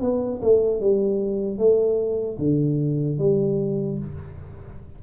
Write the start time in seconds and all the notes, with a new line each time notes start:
0.00 B3
0.41 A3
0.80 G3
1.57 A3
2.38 D3
3.18 G3